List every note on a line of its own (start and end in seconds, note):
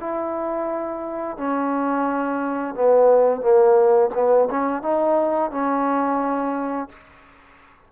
0.00 1.38 E4
1.38 2.75 C#4
2.75 3.41 B3
3.41 4.10 A#3
4.14 4.49 B3
4.51 4.82 C#4
4.82 5.51 D#4
5.51 6.89 C#4